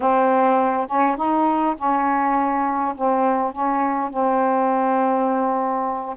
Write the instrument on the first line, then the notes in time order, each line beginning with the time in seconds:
saxophone
0.00 C4
0.87 C#4
1.16 D#4
1.77 C#4
2.95 C4
3.52 C#4
4.10 C4